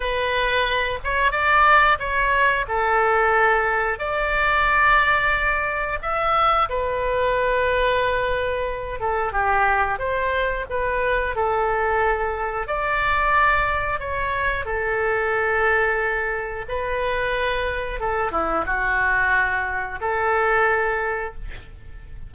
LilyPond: \new Staff \with { instrumentName = "oboe" } { \time 4/4 \tempo 4 = 90 b'4. cis''8 d''4 cis''4 | a'2 d''2~ | d''4 e''4 b'2~ | b'4. a'8 g'4 c''4 |
b'4 a'2 d''4~ | d''4 cis''4 a'2~ | a'4 b'2 a'8 e'8 | fis'2 a'2 | }